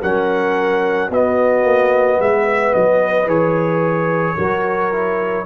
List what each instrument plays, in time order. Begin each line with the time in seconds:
0.00 tuba F#3, trombone C#4, horn A#4, trumpet F#5
1.10 tuba B3, trombone B3, horn F#4, trumpet D#5
1.64 tuba A#3
2.19 tuba G#3, horn B4, trumpet E5
2.74 tuba F#3, trumpet D#5
3.26 tuba E3, trombone G#4, trumpet C#5
4.37 tuba F#3, trombone F#4, horn A#4
4.92 trombone E4